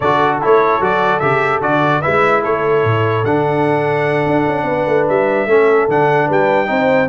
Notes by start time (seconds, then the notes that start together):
0.00 D3 F#4 A4 D5
0.41 A3 E4 C#5
0.80 F#3 F#4 D5
1.19 C#3 G4 E5
1.60 D3 F#4 D5
2.00 G#3 E4 B4 E5
2.42 A3 A4 C#5
2.83 A2
3.23 D3 D4 F#5
4.26 D4
4.46 C#4
4.62 B3 B4
4.86 A3
5.08 G3 E5
5.46 A3 C#4 A4
5.88 D3 D4 F#5
6.27 G3 B4 G5
6.66 C4 D#4 C5